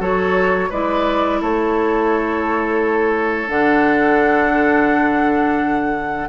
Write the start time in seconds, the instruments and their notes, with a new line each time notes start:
0.00 bassoon F#3, clarinet F#4, oboe A4, flute C#5
0.70 bassoon G#3, clarinet E4, oboe B4, flute D5
1.41 bassoon A3, oboe A4, flute C#5
3.48 bassoon D3, clarinet D4, flute F#5